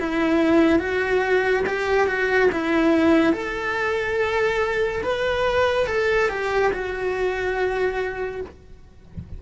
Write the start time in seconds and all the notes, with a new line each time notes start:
0.00 E4
0.80 F#4
1.67 G4
2.07 F#4
2.52 E4
3.33 A4
5.03 B4
5.87 A4
6.30 G4
6.73 F#4